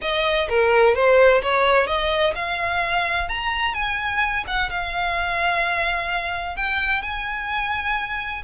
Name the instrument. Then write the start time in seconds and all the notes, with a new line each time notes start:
violin
0.01 D#5
0.49 A#4
0.94 C5
1.42 C#5
1.86 D#5
2.35 F5
3.28 A#5
3.74 G#5
4.47 F#5
4.70 F5
6.56 G5
7.02 G#5